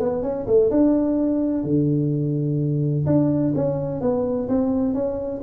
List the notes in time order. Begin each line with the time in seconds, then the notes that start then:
0.00 B3
0.23 C#4
0.47 A3
0.71 D4
1.64 D3
3.07 D4
3.56 C#4
4.01 B3
4.49 C4
4.94 C#4